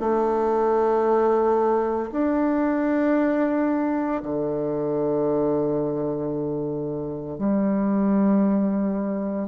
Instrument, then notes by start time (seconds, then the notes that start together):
bassoon
0.00 A3
2.12 D4
4.23 D3
7.38 G3